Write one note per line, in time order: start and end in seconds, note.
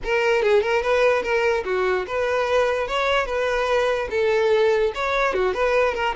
0.04 0.42 A#4
0.42 0.62 G#4
0.62 0.82 A#4
0.82 1.22 B4
1.22 1.63 A#4
1.64 2.05 F#4
2.06 2.87 B4
2.87 3.26 C#5
3.26 4.08 B4
4.10 4.92 A4
4.94 5.33 C#5
5.33 5.53 F#4
5.53 5.94 B4
5.94 6.15 A#4